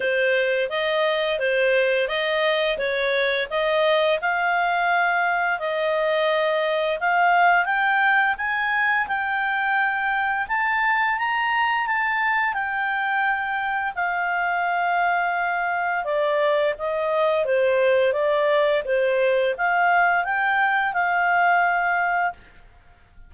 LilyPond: \new Staff \with { instrumentName = "clarinet" } { \time 4/4 \tempo 4 = 86 c''4 dis''4 c''4 dis''4 | cis''4 dis''4 f''2 | dis''2 f''4 g''4 | gis''4 g''2 a''4 |
ais''4 a''4 g''2 | f''2. d''4 | dis''4 c''4 d''4 c''4 | f''4 g''4 f''2 | }